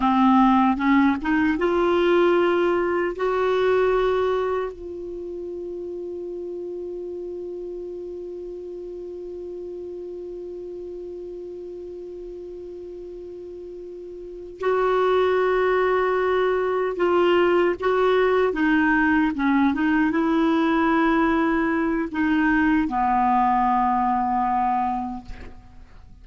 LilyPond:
\new Staff \with { instrumentName = "clarinet" } { \time 4/4 \tempo 4 = 76 c'4 cis'8 dis'8 f'2 | fis'2 f'2~ | f'1~ | f'1~ |
f'2~ f'8 fis'4.~ | fis'4. f'4 fis'4 dis'8~ | dis'8 cis'8 dis'8 e'2~ e'8 | dis'4 b2. | }